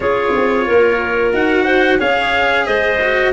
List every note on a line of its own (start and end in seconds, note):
0.00 0.32 C#4
0.00 1.33 F4
0.00 0.66 G#4
0.00 1.33 C#5
0.35 0.68 C4
0.66 1.33 A#3
0.66 1.64 A#4
1.33 2.00 D#4
1.33 1.98 F#4
1.33 2.00 F#5
1.64 1.98 C5
1.98 2.67 C#4
1.98 2.98 G#4
1.98 2.65 C#5
1.98 2.65 F5
2.65 3.33 G#3
2.65 3.33 C5
2.65 3.32 D#5
3.00 3.33 F#4